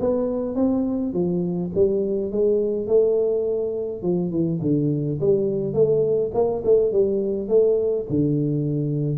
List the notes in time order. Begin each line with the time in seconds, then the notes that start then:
0.00 B3
0.56 C4
1.13 F3
1.75 G3
2.32 G#3
2.87 A3
4.03 F3
4.31 E3
4.62 D3
5.21 G3
5.74 A3
6.34 A#3
6.65 A3
6.92 G3
7.48 A3
8.10 D3